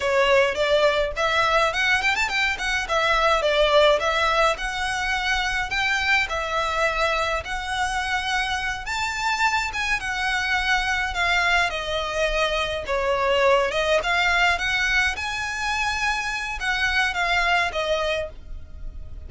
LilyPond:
\new Staff \with { instrumentName = "violin" } { \time 4/4 \tempo 4 = 105 cis''4 d''4 e''4 fis''8 g''16 a''16 | g''8 fis''8 e''4 d''4 e''4 | fis''2 g''4 e''4~ | e''4 fis''2~ fis''8 a''8~ |
a''4 gis''8 fis''2 f''8~ | f''8 dis''2 cis''4. | dis''8 f''4 fis''4 gis''4.~ | gis''4 fis''4 f''4 dis''4 | }